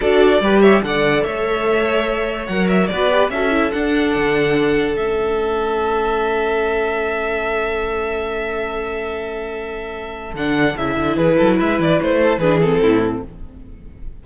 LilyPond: <<
  \new Staff \with { instrumentName = "violin" } { \time 4/4 \tempo 4 = 145 d''4. e''8 fis''4 e''4~ | e''2 fis''8 e''8 d''4 | e''4 fis''2. | e''1~ |
e''1~ | e''1~ | e''4 fis''4 e''4 b'4 | e''8 d''8 c''4 b'8 a'4. | }
  \new Staff \with { instrumentName = "violin" } { \time 4/4 a'4 b'8 cis''8 d''4 cis''4~ | cis''2. b'4 | a'1~ | a'1~ |
a'1~ | a'1~ | a'2. gis'8 a'8 | b'4. a'8 gis'4 e'4 | }
  \new Staff \with { instrumentName = "viola" } { \time 4/4 fis'4 g'4 a'2~ | a'2 ais'4 fis'8 g'8 | fis'8 e'8 d'2. | cis'1~ |
cis'1~ | cis'1~ | cis'4 d'4 e'2~ | e'2 d'8 c'4. | }
  \new Staff \with { instrumentName = "cello" } { \time 4/4 d'4 g4 d4 a4~ | a2 fis4 b4 | cis'4 d'4 d2 | a1~ |
a1~ | a1~ | a4 d4 cis8 d8 e8 fis8 | gis8 e8 a4 e4 a,4 | }
>>